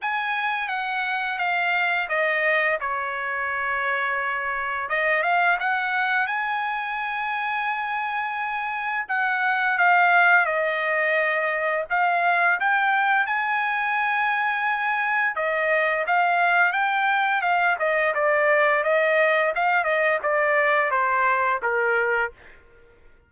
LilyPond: \new Staff \with { instrumentName = "trumpet" } { \time 4/4 \tempo 4 = 86 gis''4 fis''4 f''4 dis''4 | cis''2. dis''8 f''8 | fis''4 gis''2.~ | gis''4 fis''4 f''4 dis''4~ |
dis''4 f''4 g''4 gis''4~ | gis''2 dis''4 f''4 | g''4 f''8 dis''8 d''4 dis''4 | f''8 dis''8 d''4 c''4 ais'4 | }